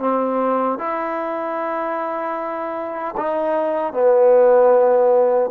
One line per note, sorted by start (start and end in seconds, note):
0.00 0.79 C4
0.79 3.16 E4
3.18 3.94 D#4
3.94 5.51 B3